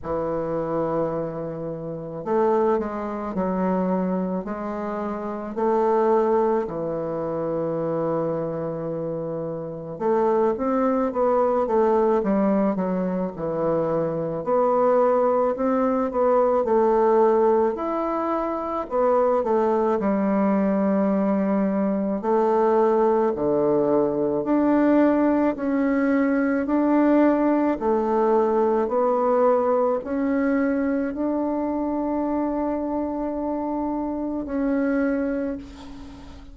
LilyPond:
\new Staff \with { instrumentName = "bassoon" } { \time 4/4 \tempo 4 = 54 e2 a8 gis8 fis4 | gis4 a4 e2~ | e4 a8 c'8 b8 a8 g8 fis8 | e4 b4 c'8 b8 a4 |
e'4 b8 a8 g2 | a4 d4 d'4 cis'4 | d'4 a4 b4 cis'4 | d'2. cis'4 | }